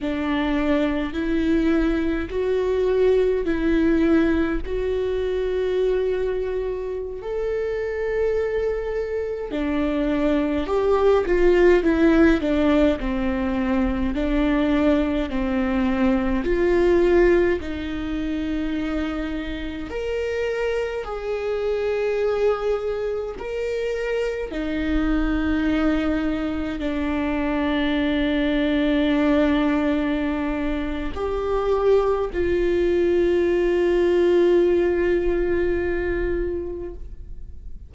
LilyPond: \new Staff \with { instrumentName = "viola" } { \time 4/4 \tempo 4 = 52 d'4 e'4 fis'4 e'4 | fis'2~ fis'16 a'4.~ a'16~ | a'16 d'4 g'8 f'8 e'8 d'8 c'8.~ | c'16 d'4 c'4 f'4 dis'8.~ |
dis'4~ dis'16 ais'4 gis'4.~ gis'16~ | gis'16 ais'4 dis'2 d'8.~ | d'2. g'4 | f'1 | }